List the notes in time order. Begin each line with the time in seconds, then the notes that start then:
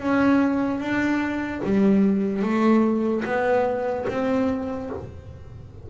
0.00 C#4
0.80 D4
1.64 G3
2.43 A3
3.25 B3
4.09 C4